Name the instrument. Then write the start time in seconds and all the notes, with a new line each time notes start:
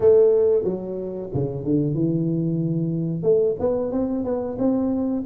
tuba
0.00 A3
0.64 F#3
1.34 C#3
1.64 D3
1.94 E3
3.23 A3
3.59 B3
3.91 C4
4.24 B3
4.58 C4